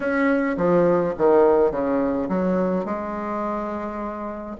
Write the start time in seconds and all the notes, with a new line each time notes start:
0.00 C#4
0.57 F3
1.17 D#3
1.71 C#3
2.29 F#3
2.85 G#3